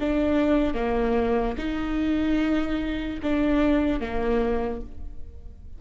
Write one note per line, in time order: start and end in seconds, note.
0.00 0.74 D4
0.74 1.56 A#3
1.58 3.20 D#4
3.22 4.00 D4
4.00 4.81 A#3